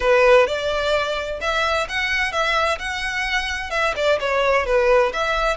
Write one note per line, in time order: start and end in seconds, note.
0.00 0.47 B4
0.47 1.40 D5
1.40 1.87 E5
1.88 2.32 F#5
2.32 2.78 E5
2.78 3.70 F#5
3.70 3.93 E5
3.96 4.19 D5
4.20 4.66 C#5
4.66 5.12 B4
5.13 5.56 E5